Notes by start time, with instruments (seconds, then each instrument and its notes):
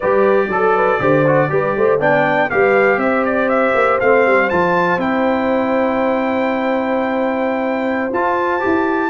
0.00 tuba G3, trombone G4, horn B4, trumpet D5
0.48 tuba F#3, trombone A4, horn A4
0.75 horn B4
0.99 tuba D3, trombone G4, horn C5
1.26 trombone F#4
1.49 tuba G3, trombone G4, horn B4
1.76 tuba A3, horn C5
1.99 tuba B3, trombone D4, horn D5, trumpet G5
2.49 tuba G3, trombone G4, horn B4, trumpet F5
2.96 tuba C4, horn C5, trumpet E5
3.25 trumpet D5
3.48 trumpet E5
3.74 tuba A#3
3.99 tuba A3, trombone C4, trumpet F5
4.26 tuba G3
4.49 tuba F3, trombone F4, trumpet A5
4.97 tuba C4, trombone E4, trumpet G5
8.13 tuba F4, trombone F4, trumpet A5
8.60 tuba E4, trombone G4